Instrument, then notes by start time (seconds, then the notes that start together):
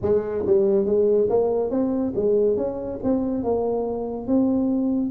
tuba
0.02 G#3
0.46 G3
0.85 G#3
1.29 A#3
1.70 C4
2.15 G#3
2.56 C#4
3.03 C4
3.43 A#3
4.27 C4